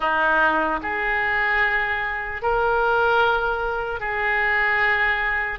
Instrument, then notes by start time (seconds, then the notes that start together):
oboe
0.00 D#4
0.82 G#4
2.42 A#4
4.00 G#4